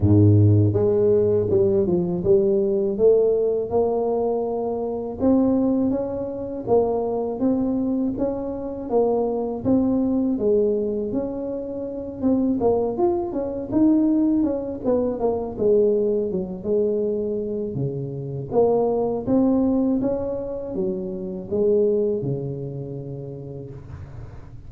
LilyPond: \new Staff \with { instrumentName = "tuba" } { \time 4/4 \tempo 4 = 81 gis,4 gis4 g8 f8 g4 | a4 ais2 c'4 | cis'4 ais4 c'4 cis'4 | ais4 c'4 gis4 cis'4~ |
cis'8 c'8 ais8 f'8 cis'8 dis'4 cis'8 | b8 ais8 gis4 fis8 gis4. | cis4 ais4 c'4 cis'4 | fis4 gis4 cis2 | }